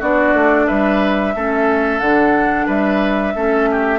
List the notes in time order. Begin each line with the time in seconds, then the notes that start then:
0.00 B3 D4 F#4 D5
0.34 A3
0.67 G3 B4 E5
1.35 A3 C#4 A4
2.00 D3 D4 F#5
2.67 G3 B4 E5
3.35 A3 C#4 A4
3.72 G4